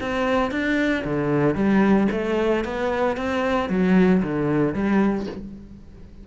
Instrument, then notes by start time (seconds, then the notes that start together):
cello
0.00 C4
0.51 D4
1.04 D3
1.55 G3
2.11 A3
2.64 B3
3.17 C4
3.69 F#3
4.22 D3
4.74 G3